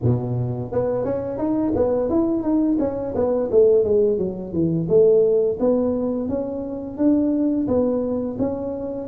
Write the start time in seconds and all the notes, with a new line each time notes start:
0.02 B2
0.72 B3
1.04 C#4
1.38 D#4
1.75 B3
2.09 E4
2.42 D#4
2.79 C#4
3.15 B3
3.51 A3
3.83 G#3
4.18 F#3
4.52 E3
4.88 A3
5.59 B3
6.29 C#4
6.97 D4
7.67 B3
8.38 C#4